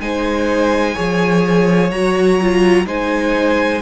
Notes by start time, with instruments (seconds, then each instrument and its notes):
0.00 cello G#3, viola D#4, violin C5 G#5
0.94 cello F3, viola G#4, violin C#5
1.90 cello F#3, viola F#4, violin A#5
2.41 viola F4
2.85 cello G#3, viola D#4, violin C5 G#5